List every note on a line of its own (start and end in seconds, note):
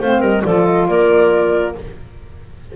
0.00 0.21 A3
0.00 0.45 C4
0.00 0.20 C5
0.00 0.21 F5
0.20 0.42 G3
0.20 0.41 A#4
0.20 0.43 D#5
0.44 0.88 F3
0.44 1.76 F4
0.44 0.87 A4
0.44 0.65 D5
0.65 0.87 D#5
0.87 1.75 A#3
0.87 1.74 A#4
0.87 1.74 D5